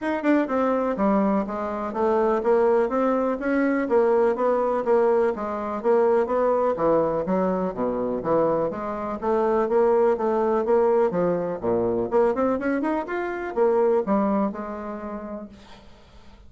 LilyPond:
\new Staff \with { instrumentName = "bassoon" } { \time 4/4 \tempo 4 = 124 dis'8 d'8 c'4 g4 gis4 | a4 ais4 c'4 cis'4 | ais4 b4 ais4 gis4 | ais4 b4 e4 fis4 |
b,4 e4 gis4 a4 | ais4 a4 ais4 f4 | ais,4 ais8 c'8 cis'8 dis'8 f'4 | ais4 g4 gis2 | }